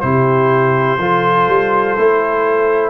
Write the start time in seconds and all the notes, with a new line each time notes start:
0.00 C3 E4 G4 C5
0.97 F3 F4 A4
1.47 G3
1.96 A3 E4